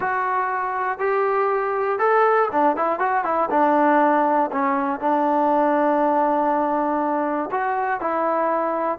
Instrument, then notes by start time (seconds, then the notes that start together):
trombone
0.00 F#4
0.98 G4
1.99 A4
2.51 D4
2.76 E4
2.99 F#4
3.24 E4
3.50 D4
4.51 C#4
5.00 D4
7.51 F#4
8.00 E4